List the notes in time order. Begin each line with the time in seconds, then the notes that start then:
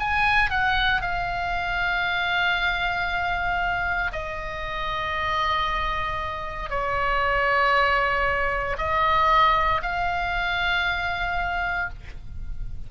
0.00 G#5
0.50 F#5
1.02 F5
4.12 D#5
6.70 C#5
8.78 D#5
9.82 F5